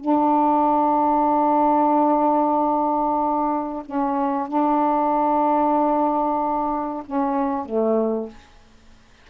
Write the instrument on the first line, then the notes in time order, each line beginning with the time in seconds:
saxophone
0.00 D4
3.85 C#4
4.48 D4
7.05 C#4
7.65 A3